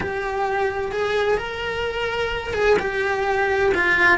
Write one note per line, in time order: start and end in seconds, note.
0.00 0.91 G4
0.91 1.37 G#4
1.37 2.53 A#4
2.53 2.77 G#4
2.79 3.72 G4
3.74 4.18 F4